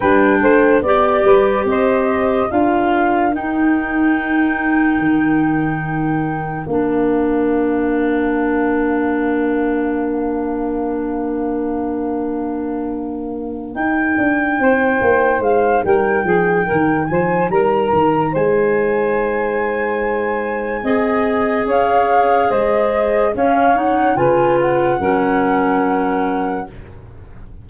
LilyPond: <<
  \new Staff \with { instrumentName = "flute" } { \time 4/4 \tempo 4 = 72 g''4 d''4 dis''4 f''4 | g''1 | f''1~ | f''1~ |
f''8 g''2 f''8 g''4~ | g''8 gis''8 ais''4 gis''2~ | gis''2 f''4 dis''4 | f''8 fis''8 gis''8 fis''2~ fis''8 | }
  \new Staff \with { instrumentName = "saxophone" } { \time 4/4 b'8 c''8 d''8 b'8 c''4 ais'4~ | ais'1~ | ais'1~ | ais'1~ |
ais'4. c''4. ais'8 gis'8 | ais'8 c''8 ais'4 c''2~ | c''4 dis''4 cis''4 c''4 | cis''4 b'4 ais'2 | }
  \new Staff \with { instrumentName = "clarinet" } { \time 4/4 d'4 g'2 f'4 | dis'1 | d'1~ | d'1~ |
d'8 dis'2.~ dis'8~ | dis'1~ | dis'4 gis'2. | cis'8 dis'8 f'4 cis'2 | }
  \new Staff \with { instrumentName = "tuba" } { \time 4/4 g8 a8 b8 g8 c'4 d'4 | dis'2 dis2 | ais1~ | ais1~ |
ais8 dis'8 d'8 c'8 ais8 gis8 g8 f8 | dis8 f8 g8 dis8 gis2~ | gis4 c'4 cis'4 gis4 | cis'4 cis4 fis2 | }
>>